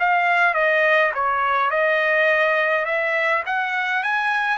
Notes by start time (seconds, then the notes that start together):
0.00 F5
0.54 D#5
1.15 C#5
1.71 D#5
2.86 E5
3.46 F#5
4.03 G#5